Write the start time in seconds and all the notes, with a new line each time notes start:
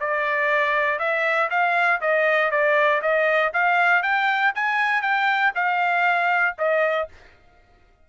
0.00 D5
0.99 E5
1.50 F5
2.01 D#5
2.51 D5
3.02 D#5
3.53 F5
4.02 G5
4.55 G#5
5.02 G5
5.55 F5
6.58 D#5